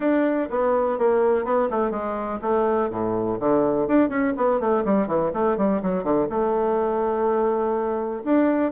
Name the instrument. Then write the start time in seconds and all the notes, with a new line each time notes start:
bassoon
0.00 D4
0.50 B3
0.98 A#3
1.44 B3
1.70 A3
1.90 G#3
2.41 A3
2.90 A2
3.39 D3
3.87 D4
4.09 C#4
4.36 B3
4.60 A3
4.84 G3
5.07 E3
5.33 A3
5.57 G3
5.82 F#3
6.03 D3
6.29 A3
8.24 D4